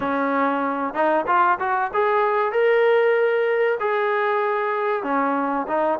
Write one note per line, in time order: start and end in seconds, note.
0.00 0.93 C#4
0.93 1.25 D#4
1.27 1.58 F4
1.59 1.91 F#4
1.93 2.52 G#4
2.52 3.78 A#4
3.80 5.03 G#4
5.03 5.66 C#4
5.67 5.99 D#4